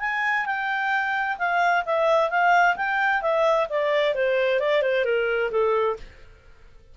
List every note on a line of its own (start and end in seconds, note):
0.00 0.46 G#5
0.46 1.37 G5
1.38 1.84 F5
1.85 2.30 E5
2.30 2.76 F5
2.76 3.22 G5
3.22 3.67 E5
3.69 4.15 D5
4.15 4.60 C5
4.60 4.82 D5
4.82 5.05 C5
5.05 5.51 A#4
5.51 5.97 A4